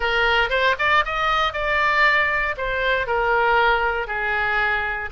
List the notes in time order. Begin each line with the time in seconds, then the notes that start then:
0.00 A#4
0.49 C5
0.78 D5
1.05 D#5
1.53 D5
2.57 C5
3.07 A#4
4.07 G#4